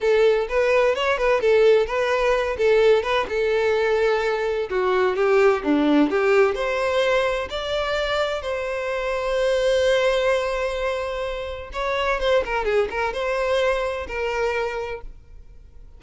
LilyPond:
\new Staff \with { instrumentName = "violin" } { \time 4/4 \tempo 4 = 128 a'4 b'4 cis''8 b'8 a'4 | b'4. a'4 b'8 a'4~ | a'2 fis'4 g'4 | d'4 g'4 c''2 |
d''2 c''2~ | c''1~ | c''4 cis''4 c''8 ais'8 gis'8 ais'8 | c''2 ais'2 | }